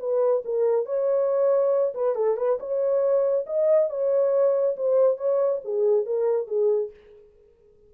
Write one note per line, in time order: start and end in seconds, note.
0.00 0.43 B4
0.45 0.86 A#4
0.86 1.94 C#5
1.94 2.15 B4
2.15 2.37 A4
2.37 2.58 B4
2.60 3.46 C#5
3.47 3.90 D#5
3.90 4.76 C#5
4.76 5.17 C5
5.17 5.60 C#5
5.64 6.06 G#4
6.06 6.47 A#4
6.47 6.91 G#4